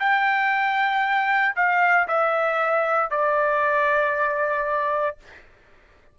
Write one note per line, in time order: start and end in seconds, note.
0.00 1.55 G5
1.56 2.08 F5
2.08 3.11 E5
3.11 5.18 D5